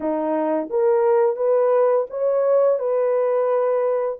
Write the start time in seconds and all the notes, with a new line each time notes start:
0.00 D#4
0.70 A#4
1.36 B4
2.10 C#5
2.79 B4